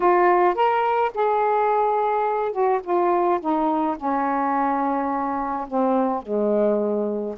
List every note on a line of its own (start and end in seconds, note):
0.00 0.54 F4
0.54 1.11 A#4
1.14 2.52 G#4
2.52 2.80 F#4
2.83 3.40 F4
3.40 3.96 D#4
3.97 5.67 C#4
5.67 6.22 C4
6.22 7.35 G#3